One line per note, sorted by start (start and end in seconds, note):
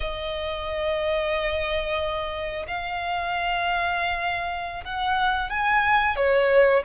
0.00 2.65 D#5
2.67 4.84 F5
4.84 5.49 F#5
5.49 6.16 G#5
6.16 6.82 C#5